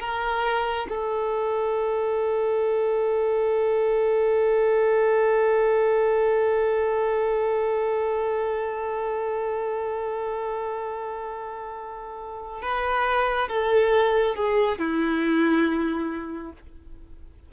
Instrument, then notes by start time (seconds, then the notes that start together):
violin
0.00 A#4
0.89 A4
12.62 B4
13.49 A4
14.36 G#4
14.79 E4